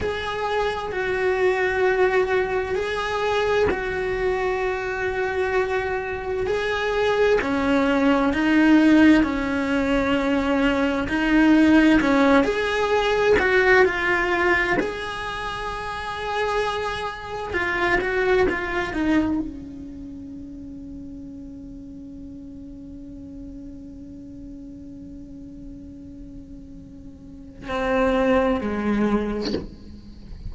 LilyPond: \new Staff \with { instrumentName = "cello" } { \time 4/4 \tempo 4 = 65 gis'4 fis'2 gis'4 | fis'2. gis'4 | cis'4 dis'4 cis'2 | dis'4 cis'8 gis'4 fis'8 f'4 |
gis'2. f'8 fis'8 | f'8 dis'8 cis'2.~ | cis'1~ | cis'2 c'4 gis4 | }